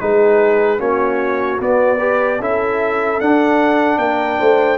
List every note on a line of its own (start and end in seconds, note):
0.00 0.80 G#3
0.00 0.78 D#4
0.00 0.79 G#4
0.00 0.80 B4
0.78 1.60 A#3
0.78 1.58 C#4
0.78 1.98 F#4
0.78 1.61 C#5
1.60 2.40 B3
1.60 2.00 B3
1.60 2.42 D5
1.98 2.40 G4
1.98 2.38 B4
2.40 3.20 C#4
2.40 3.21 E4
2.40 4.00 A4
2.40 3.20 E5
3.20 3.98 D4
3.20 4.78 D4
3.20 3.99 F#5
3.98 4.38 A#3
3.98 4.39 A#4
3.98 4.78 G5
4.39 4.78 A3
4.39 4.78 C5